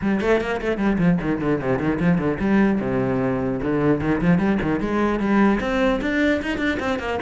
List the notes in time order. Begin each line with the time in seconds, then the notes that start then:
0.01 G3
0.20 A3
0.40 A#3
0.61 A3
0.77 G3
0.98 F3
1.21 D#3
1.41 D3
1.61 C3
1.78 D#3
1.99 F3
2.18 D3
2.39 G3
2.80 C3
3.61 D3
4.01 D#3
4.21 F3
4.38 G3
4.62 D#3
4.80 G#3
5.19 G3
5.60 C4
6.01 D4
6.42 D#4
6.58 D4
6.79 C4
6.99 A#3